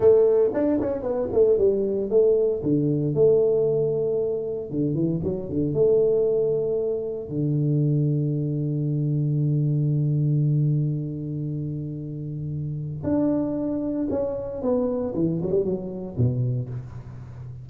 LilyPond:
\new Staff \with { instrumentName = "tuba" } { \time 4/4 \tempo 4 = 115 a4 d'8 cis'8 b8 a8 g4 | a4 d4 a2~ | a4 d8 e8 fis8 d8 a4~ | a2 d2~ |
d1~ | d1~ | d4 d'2 cis'4 | b4 e8 fis16 g16 fis4 b,4 | }